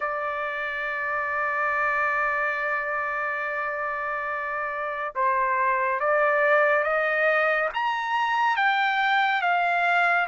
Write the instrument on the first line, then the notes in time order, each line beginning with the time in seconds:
trumpet
0.00 D5
5.15 C5
6.00 D5
6.83 D#5
7.74 A#5
8.56 G5
9.41 F5